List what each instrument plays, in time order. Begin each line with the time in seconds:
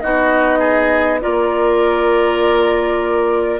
0.00 bassoon B3, clarinet D#4, oboe F#4, flute D#5
0.59 oboe G#4
1.21 bassoon A#3, clarinet F4, oboe A#4, flute D5